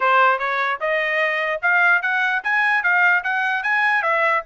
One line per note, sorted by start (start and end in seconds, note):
0.00 0.38 C5
0.38 0.79 C#5
0.80 1.60 D#5
1.62 2.02 F5
2.02 2.42 F#5
2.43 2.83 G#5
2.83 3.23 F5
3.23 3.63 F#5
3.63 4.02 G#5
4.02 4.42 E5